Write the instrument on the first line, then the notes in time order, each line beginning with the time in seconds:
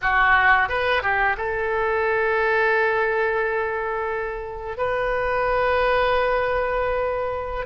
oboe
0.01 F#4
0.68 B4
1.02 G4
1.37 A4
4.77 B4